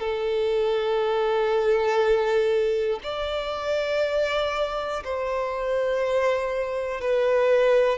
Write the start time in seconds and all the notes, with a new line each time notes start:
0.00 A4
3.03 D5
5.04 C5
7.00 B4